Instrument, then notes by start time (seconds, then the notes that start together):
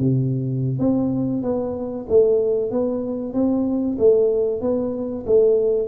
tuba
0.00 C3
0.79 C4
1.43 B3
2.09 A3
2.71 B3
3.34 C4
3.99 A3
4.61 B3
5.27 A3